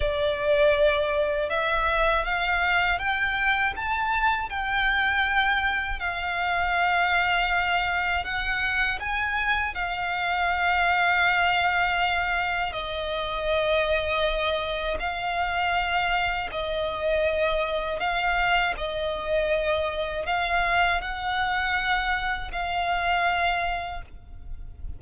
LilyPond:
\new Staff \with { instrumentName = "violin" } { \time 4/4 \tempo 4 = 80 d''2 e''4 f''4 | g''4 a''4 g''2 | f''2. fis''4 | gis''4 f''2.~ |
f''4 dis''2. | f''2 dis''2 | f''4 dis''2 f''4 | fis''2 f''2 | }